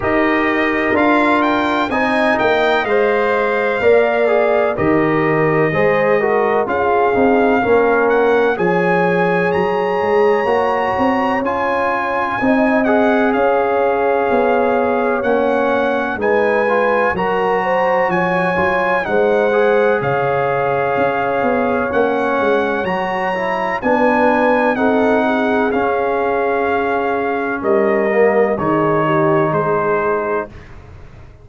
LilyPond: <<
  \new Staff \with { instrumentName = "trumpet" } { \time 4/4 \tempo 4 = 63 dis''4 f''8 g''8 gis''8 g''8 f''4~ | f''4 dis''2 f''4~ | f''8 fis''8 gis''4 ais''2 | gis''4. fis''8 f''2 |
fis''4 gis''4 ais''4 gis''4 | fis''4 f''2 fis''4 | ais''4 gis''4 fis''4 f''4~ | f''4 dis''4 cis''4 c''4 | }
  \new Staff \with { instrumentName = "horn" } { \time 4/4 ais'2 dis''2 | d''4 ais'4 c''8 ais'8 gis'4 | ais'4 cis''2.~ | cis''4 dis''4 cis''2~ |
cis''4 b'4 ais'8 c''8 cis''4 | c''4 cis''2.~ | cis''4 b'4 a'8 gis'4.~ | gis'4 ais'4 gis'8 g'8 gis'4 | }
  \new Staff \with { instrumentName = "trombone" } { \time 4/4 g'4 f'4 dis'4 c''4 | ais'8 gis'8 g'4 gis'8 fis'8 f'8 dis'8 | cis'4 gis'2 fis'4 | f'4 dis'8 gis'2~ gis'8 |
cis'4 dis'8 f'8 fis'4. f'8 | dis'8 gis'2~ gis'8 cis'4 | fis'8 e'8 d'4 dis'4 cis'4~ | cis'4. ais8 dis'2 | }
  \new Staff \with { instrumentName = "tuba" } { \time 4/4 dis'4 d'4 c'8 ais8 gis4 | ais4 dis4 gis4 cis'8 c'8 | ais4 f4 fis8 gis8 ais8 c'8 | cis'4 c'4 cis'4 b4 |
ais4 gis4 fis4 f8 fis8 | gis4 cis4 cis'8 b8 ais8 gis8 | fis4 b4 c'4 cis'4~ | cis'4 g4 dis4 gis4 | }
>>